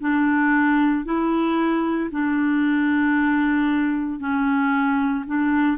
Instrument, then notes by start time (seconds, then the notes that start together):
clarinet
0.00 D4
1.04 E4
2.11 D4
4.20 C#4
5.26 D4